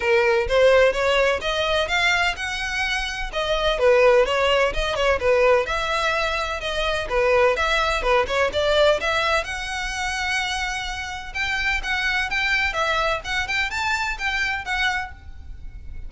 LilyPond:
\new Staff \with { instrumentName = "violin" } { \time 4/4 \tempo 4 = 127 ais'4 c''4 cis''4 dis''4 | f''4 fis''2 dis''4 | b'4 cis''4 dis''8 cis''8 b'4 | e''2 dis''4 b'4 |
e''4 b'8 cis''8 d''4 e''4 | fis''1 | g''4 fis''4 g''4 e''4 | fis''8 g''8 a''4 g''4 fis''4 | }